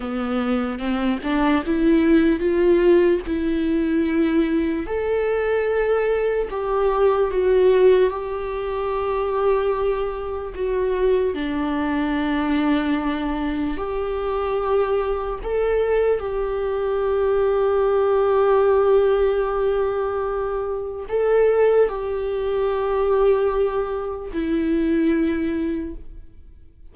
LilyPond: \new Staff \with { instrumentName = "viola" } { \time 4/4 \tempo 4 = 74 b4 c'8 d'8 e'4 f'4 | e'2 a'2 | g'4 fis'4 g'2~ | g'4 fis'4 d'2~ |
d'4 g'2 a'4 | g'1~ | g'2 a'4 g'4~ | g'2 e'2 | }